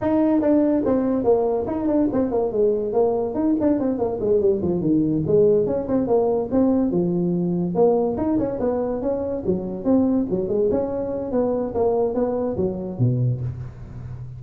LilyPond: \new Staff \with { instrumentName = "tuba" } { \time 4/4 \tempo 4 = 143 dis'4 d'4 c'4 ais4 | dis'8 d'8 c'8 ais8 gis4 ais4 | dis'8 d'8 c'8 ais8 gis8 g8 f8 dis8~ | dis8 gis4 cis'8 c'8 ais4 c'8~ |
c'8 f2 ais4 dis'8 | cis'8 b4 cis'4 fis4 c'8~ | c'8 fis8 gis8 cis'4. b4 | ais4 b4 fis4 b,4 | }